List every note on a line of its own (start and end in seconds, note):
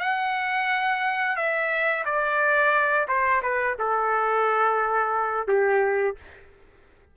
0.00 1.36 F#5
1.36 2.04 E5
2.05 3.07 D5
3.07 3.42 C5
3.42 3.76 B4
3.79 5.48 A4
5.48 6.16 G4